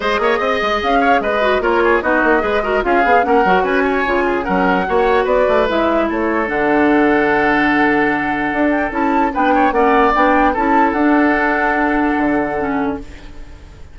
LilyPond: <<
  \new Staff \with { instrumentName = "flute" } { \time 4/4 \tempo 4 = 148 dis''2 f''4 dis''4 | cis''4 dis''2 f''4 | fis''4 gis''2 fis''4~ | fis''4 d''4 e''4 cis''4 |
fis''1~ | fis''4. g''8 a''4 g''4 | fis''4 g''4 a''4 fis''4~ | fis''1 | }
  \new Staff \with { instrumentName = "oboe" } { \time 4/4 c''8 cis''8 dis''4. cis''8 b'4 | ais'8 gis'8 fis'4 b'8 ais'8 gis'4 | ais'4 b'8 cis''4 gis'8 ais'4 | cis''4 b'2 a'4~ |
a'1~ | a'2. b'8 cis''8 | d''2 a'2~ | a'1 | }
  \new Staff \with { instrumentName = "clarinet" } { \time 4/4 gis'2.~ gis'8 fis'8 | f'4 dis'4 gis'8 fis'8 f'8 gis'8 | cis'8 fis'4. f'4 cis'4 | fis'2 e'2 |
d'1~ | d'2 e'4 d'4 | cis'4 d'4 e'4 d'4~ | d'2. cis'4 | }
  \new Staff \with { instrumentName = "bassoon" } { \time 4/4 gis8 ais8 c'8 gis8 cis'4 gis4 | ais4 b8 ais8 gis4 cis'8 b8 | ais8 fis8 cis'4 cis4 fis4 | ais4 b8 a8 gis4 a4 |
d1~ | d4 d'4 cis'4 b4 | ais4 b4 cis'4 d'4~ | d'2 d2 | }
>>